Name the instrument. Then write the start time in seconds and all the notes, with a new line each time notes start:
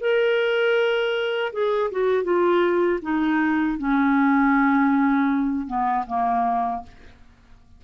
clarinet
0.00 A#4
1.53 G#4
1.91 F#4
2.23 F4
3.02 D#4
3.78 C#4
5.67 B3
6.07 A#3